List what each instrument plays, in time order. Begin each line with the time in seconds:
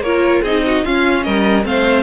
0.00 cello A#3, viola F4, violin A#4 C#5
0.42 cello C4, viola D#4, violin G#4 D#5
0.66 violin F#4
0.84 viola C#4, cello C#4, violin F4 F5
1.23 cello G3, violin A#4 D#5
1.63 cello A3, viola C4, violin C5 F5